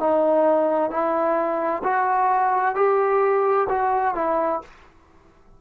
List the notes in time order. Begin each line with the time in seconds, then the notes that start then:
0.00 D#4
0.91 E4
1.84 F#4
2.76 G4
3.70 F#4
4.15 E4